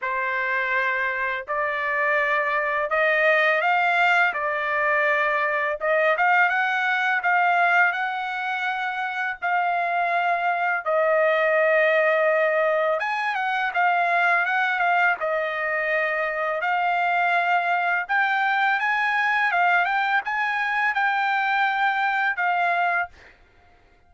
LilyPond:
\new Staff \with { instrumentName = "trumpet" } { \time 4/4 \tempo 4 = 83 c''2 d''2 | dis''4 f''4 d''2 | dis''8 f''8 fis''4 f''4 fis''4~ | fis''4 f''2 dis''4~ |
dis''2 gis''8 fis''8 f''4 | fis''8 f''8 dis''2 f''4~ | f''4 g''4 gis''4 f''8 g''8 | gis''4 g''2 f''4 | }